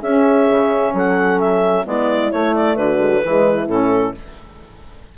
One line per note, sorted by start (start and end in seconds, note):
0.00 0.48 C#4
0.00 0.92 G#4
0.00 0.94 E5
0.06 1.85 C#4
0.51 0.94 C#3
0.94 1.85 F#3
0.94 1.86 A4
0.94 1.40 F#5
1.40 1.86 E5
1.85 2.32 G#3
1.85 2.31 B3
1.85 2.78 E4
1.85 2.32 D5
2.32 2.77 A3
2.32 2.99 A3
2.32 2.55 C#5
2.55 2.76 D5
2.76 3.23 D3
2.76 3.24 F#4
2.76 3.68 B4
2.99 3.10 G#3
3.10 3.21 F#3
3.25 3.67 E3
3.25 3.69 G#3
3.25 4.18 E4
3.67 4.13 A2
3.67 4.15 C#4
3.67 4.14 A4